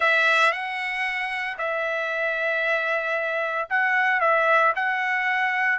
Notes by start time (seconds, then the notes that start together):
0.00 E5
0.51 F#5
1.58 E5
3.69 F#5
4.20 E5
4.75 F#5